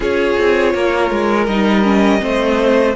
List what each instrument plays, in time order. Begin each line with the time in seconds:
0.00 cello C#4, viola F4, violin G#4 C#5
0.38 cello C4
0.73 cello A#3, violin A#4
1.10 cello G#3
1.46 cello G3, viola D#4, violin D#5
1.83 viola C#4
2.19 cello A3, viola C4, violin C5